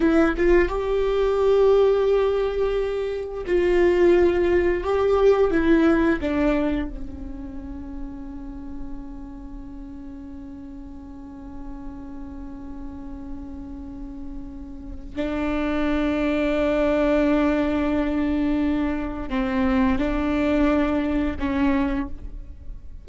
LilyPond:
\new Staff \with { instrumentName = "viola" } { \time 4/4 \tempo 4 = 87 e'8 f'8 g'2.~ | g'4 f'2 g'4 | e'4 d'4 cis'2~ | cis'1~ |
cis'1~ | cis'2 d'2~ | d'1 | c'4 d'2 cis'4 | }